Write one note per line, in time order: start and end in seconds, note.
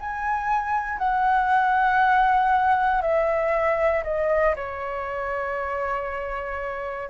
0.00 0.98 G#5
0.98 3.02 F#5
3.02 4.04 E5
4.04 4.55 D#5
4.56 7.10 C#5